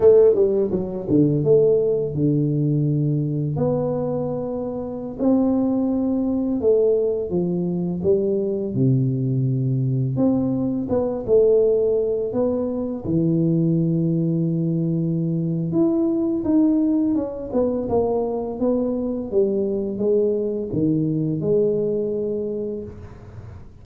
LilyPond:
\new Staff \with { instrumentName = "tuba" } { \time 4/4 \tempo 4 = 84 a8 g8 fis8 d8 a4 d4~ | d4 b2~ b16 c'8.~ | c'4~ c'16 a4 f4 g8.~ | g16 c2 c'4 b8 a16~ |
a4~ a16 b4 e4.~ e16~ | e2 e'4 dis'4 | cis'8 b8 ais4 b4 g4 | gis4 dis4 gis2 | }